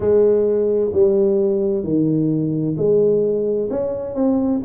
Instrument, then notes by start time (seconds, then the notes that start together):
tuba
0.00 G#3
0.92 G3
1.83 D#3
2.77 G#3
3.70 C#4
4.15 C4